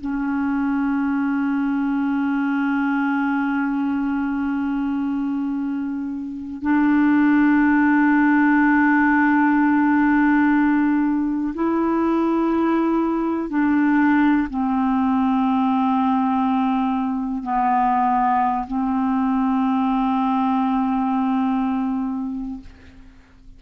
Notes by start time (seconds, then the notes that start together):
0.00 C#4
6.62 D4
11.54 E4
13.49 D4
14.49 C4
17.43 B3
18.67 C4